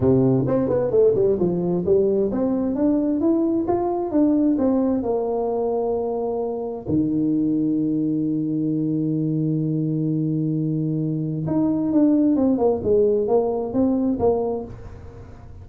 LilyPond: \new Staff \with { instrumentName = "tuba" } { \time 4/4 \tempo 4 = 131 c4 c'8 b8 a8 g8 f4 | g4 c'4 d'4 e'4 | f'4 d'4 c'4 ais4~ | ais2. dis4~ |
dis1~ | dis1~ | dis4 dis'4 d'4 c'8 ais8 | gis4 ais4 c'4 ais4 | }